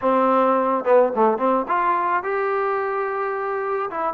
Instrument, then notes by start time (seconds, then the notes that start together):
trombone
0.01 C4
0.84 B3
1.15 A3
1.37 C4
1.68 F4
2.23 G4
3.90 E4